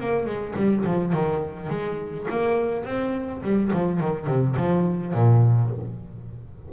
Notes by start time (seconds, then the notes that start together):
0.00 A#3
0.26 G#3
0.56 G3
0.85 F3
1.13 D#3
1.70 G#3
2.30 A#3
2.85 C4
3.42 G3
3.72 F3
4.00 D#3
4.27 C3
4.57 F3
5.14 A#2